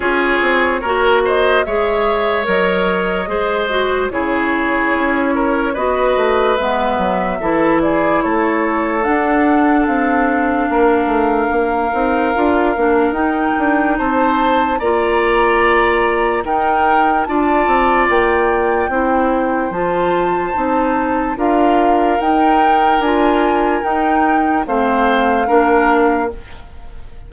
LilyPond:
<<
  \new Staff \with { instrumentName = "flute" } { \time 4/4 \tempo 4 = 73 cis''4. dis''8 e''4 dis''4~ | dis''4 cis''2 dis''4 | e''4. d''8 cis''4 fis''4 | f''1 |
g''4 a''4 ais''2 | g''4 a''4 g''2 | a''2 f''4 g''4 | gis''4 g''4 f''2 | }
  \new Staff \with { instrumentName = "oboe" } { \time 4/4 gis'4 ais'8 c''8 cis''2 | c''4 gis'4. ais'8 b'4~ | b'4 a'8 gis'8 a'2~ | a'4 ais'2.~ |
ais'4 c''4 d''2 | ais'4 d''2 c''4~ | c''2 ais'2~ | ais'2 c''4 ais'4 | }
  \new Staff \with { instrumentName = "clarinet" } { \time 4/4 f'4 fis'4 gis'4 ais'4 | gis'8 fis'8 e'2 fis'4 | b4 e'2 d'4~ | d'2~ d'8 dis'8 f'8 d'8 |
dis'2 f'2 | dis'4 f'2 e'4 | f'4 dis'4 f'4 dis'4 | f'4 dis'4 c'4 d'4 | }
  \new Staff \with { instrumentName = "bassoon" } { \time 4/4 cis'8 c'8 ais4 gis4 fis4 | gis4 cis4 cis'4 b8 a8 | gis8 fis8 e4 a4 d'4 | c'4 ais8 a8 ais8 c'8 d'8 ais8 |
dis'8 d'8 c'4 ais2 | dis'4 d'8 c'8 ais4 c'4 | f4 c'4 d'4 dis'4 | d'4 dis'4 a4 ais4 | }
>>